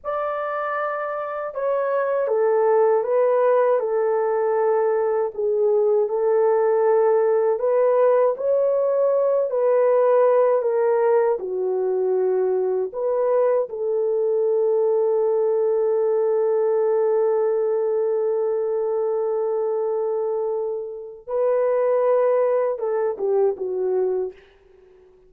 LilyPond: \new Staff \with { instrumentName = "horn" } { \time 4/4 \tempo 4 = 79 d''2 cis''4 a'4 | b'4 a'2 gis'4 | a'2 b'4 cis''4~ | cis''8 b'4. ais'4 fis'4~ |
fis'4 b'4 a'2~ | a'1~ | a'1 | b'2 a'8 g'8 fis'4 | }